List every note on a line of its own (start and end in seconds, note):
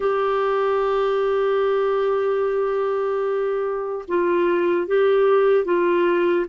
0.00 4.05 G4
4.08 4.87 F4
4.87 5.65 G4
5.65 6.46 F4